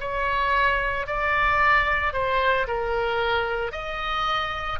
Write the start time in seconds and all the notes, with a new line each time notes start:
0.00 C#5
1.07 D5
2.13 C5
2.67 A#4
3.72 D#5